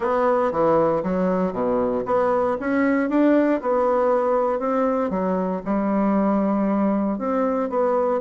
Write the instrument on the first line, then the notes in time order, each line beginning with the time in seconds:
bassoon
0.00 B3
0.51 E3
1.03 F#3
1.52 B2
2.05 B3
2.60 C#4
3.09 D4
3.61 B3
4.59 C4
5.10 F#3
5.65 G3
7.18 C4
7.69 B3